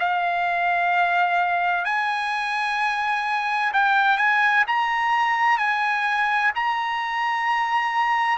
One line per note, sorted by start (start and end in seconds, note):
0.00 1.85 F5
1.85 3.72 G#5
3.73 4.18 G5
4.18 4.65 G#5
4.67 5.58 A#5
5.58 6.52 G#5
6.56 8.38 A#5